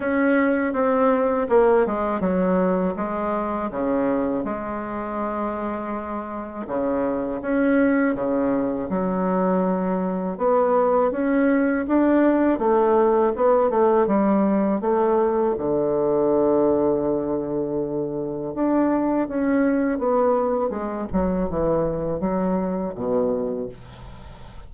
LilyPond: \new Staff \with { instrumentName = "bassoon" } { \time 4/4 \tempo 4 = 81 cis'4 c'4 ais8 gis8 fis4 | gis4 cis4 gis2~ | gis4 cis4 cis'4 cis4 | fis2 b4 cis'4 |
d'4 a4 b8 a8 g4 | a4 d2.~ | d4 d'4 cis'4 b4 | gis8 fis8 e4 fis4 b,4 | }